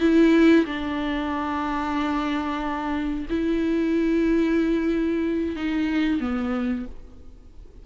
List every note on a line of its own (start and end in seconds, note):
0.00 0.65 E4
0.66 3.27 D4
3.30 5.56 E4
5.56 6.20 D#4
6.20 6.86 B3